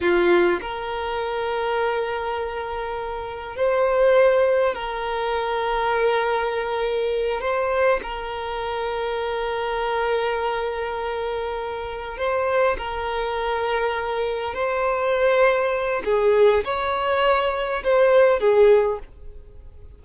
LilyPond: \new Staff \with { instrumentName = "violin" } { \time 4/4 \tempo 4 = 101 f'4 ais'2.~ | ais'2 c''2 | ais'1~ | ais'8 c''4 ais'2~ ais'8~ |
ais'1~ | ais'8 c''4 ais'2~ ais'8~ | ais'8 c''2~ c''8 gis'4 | cis''2 c''4 gis'4 | }